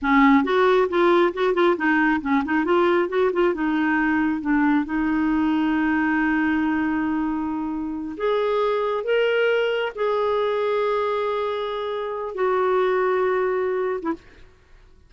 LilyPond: \new Staff \with { instrumentName = "clarinet" } { \time 4/4 \tempo 4 = 136 cis'4 fis'4 f'4 fis'8 f'8 | dis'4 cis'8 dis'8 f'4 fis'8 f'8 | dis'2 d'4 dis'4~ | dis'1~ |
dis'2~ dis'8 gis'4.~ | gis'8 ais'2 gis'4.~ | gis'1 | fis'2.~ fis'8. e'16 | }